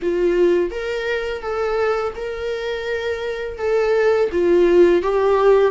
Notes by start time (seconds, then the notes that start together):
0.02 F4
0.70 A#4
1.42 A4
2.15 A#4
3.57 A4
4.32 F4
5.02 G4